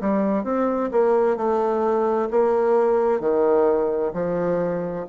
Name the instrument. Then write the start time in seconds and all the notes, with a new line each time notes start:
bassoon
0.00 G3
0.44 C4
0.91 A#3
1.36 A3
2.30 A#3
3.20 D#3
4.13 F3